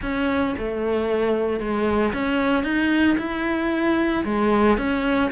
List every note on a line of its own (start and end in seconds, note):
0.01 0.55 C#4
0.57 1.59 A3
1.59 2.12 G#3
2.13 2.63 C#4
2.63 3.16 D#4
3.18 4.24 E4
4.25 4.77 G#3
4.77 5.30 C#4